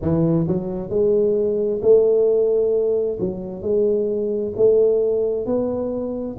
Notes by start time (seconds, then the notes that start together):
0.01 E3
0.48 F#3
0.89 G#3
1.82 A3
3.19 F#3
3.62 G#3
4.56 A3
5.45 B3